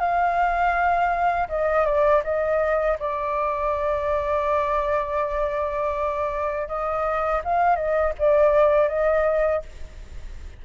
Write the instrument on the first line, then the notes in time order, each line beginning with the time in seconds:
flute
0.00 F5
1.49 D#5
1.86 D5
2.24 D#5
3.00 D5
6.68 D#5
7.44 F5
7.76 D#5
8.19 D5
8.88 D#5